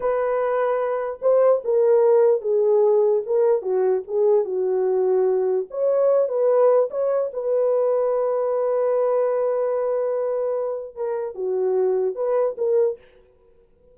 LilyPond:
\new Staff \with { instrumentName = "horn" } { \time 4/4 \tempo 4 = 148 b'2. c''4 | ais'2 gis'2 | ais'4 fis'4 gis'4 fis'4~ | fis'2 cis''4. b'8~ |
b'4 cis''4 b'2~ | b'1~ | b'2. ais'4 | fis'2 b'4 ais'4 | }